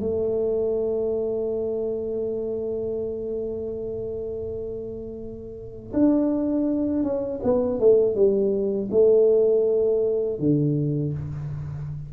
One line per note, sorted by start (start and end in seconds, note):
0.00 5.93 A3
5.93 7.03 D4
7.03 7.40 C#4
7.43 7.79 B3
7.79 8.15 A3
8.15 8.89 G3
8.91 10.39 A3
10.39 11.13 D3